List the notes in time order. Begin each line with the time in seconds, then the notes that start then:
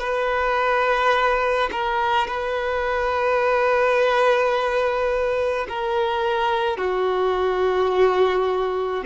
0.00 B4
1.72 A#4
2.27 B4
5.69 A#4
6.78 F#4